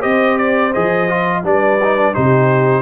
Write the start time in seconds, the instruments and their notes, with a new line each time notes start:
0.00 tuba C4, trombone G4, horn C5, trumpet D#5
0.37 trumpet D5
0.73 tuba F3, trombone G#4, trumpet D#5
1.09 trombone F4
1.43 tuba G3, trombone D4, horn B4, trumpet D5
1.83 trombone D#4
1.97 trombone D4
2.13 tuba C3, trombone D#4, horn G4, trumpet C5